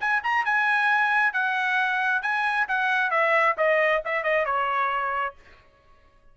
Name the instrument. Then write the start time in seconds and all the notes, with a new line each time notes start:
trumpet
0.00 G#5
0.23 A#5
0.45 G#5
1.33 F#5
2.22 G#5
2.68 F#5
3.11 E5
3.57 D#5
4.05 E5
4.23 D#5
4.45 C#5